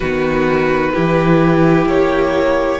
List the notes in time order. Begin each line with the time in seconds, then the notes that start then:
0.00 D#3 B3 F#4 B4
0.93 E3 E4 G4
1.85 A#3 C#5